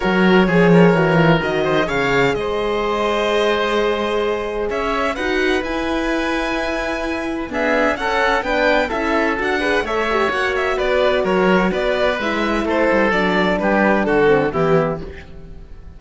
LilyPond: <<
  \new Staff \with { instrumentName = "violin" } { \time 4/4 \tempo 4 = 128 cis''2. dis''4 | f''4 dis''2.~ | dis''2 e''4 fis''4 | gis''1 |
e''4 fis''4 g''4 e''4 | fis''4 e''4 fis''8 e''8 d''4 | cis''4 d''4 e''4 c''4 | d''4 b'4 a'4 g'4 | }
  \new Staff \with { instrumentName = "oboe" } { \time 4/4 ais'4 gis'8 ais'2 c''8 | cis''4 c''2.~ | c''2 cis''4 b'4~ | b'1 |
gis'4 a'4 b'4 a'4~ | a'8 b'8 cis''2 b'4 | ais'4 b'2 a'4~ | a'4 g'4 fis'4 e'4 | }
  \new Staff \with { instrumentName = "horn" } { \time 4/4 fis'4 gis'4 fis'8 f'8 fis'4 | gis'1~ | gis'2. fis'4 | e'1 |
b4 cis'4 d'4 e'4 | fis'8 gis'8 a'8 g'8 fis'2~ | fis'2 e'2 | d'2~ d'8 c'8 b4 | }
  \new Staff \with { instrumentName = "cello" } { \time 4/4 fis4 f4 e4 dis4 | cis4 gis2.~ | gis2 cis'4 dis'4 | e'1 |
d'4 cis'4 b4 cis'4 | d'4 a4 ais4 b4 | fis4 b4 gis4 a8 g8 | fis4 g4 d4 e4 | }
>>